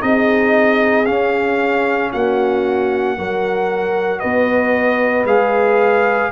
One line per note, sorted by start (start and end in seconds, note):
0.00 1.07 C4
0.00 1.05 D#4
0.00 2.12 G#4
0.00 1.05 D#5
1.05 3.18 C#4
1.05 2.13 C#4
1.05 2.11 F5
2.12 3.18 A#3
2.12 3.17 F#4
2.12 4.20 F#5
3.18 4.23 F#3
3.18 5.27 F#4
3.18 4.20 A#4
4.20 5.25 B3
4.20 6.30 B4
4.20 5.25 D#5
5.25 6.30 G#3
5.25 6.32 G#4
5.25 6.32 F5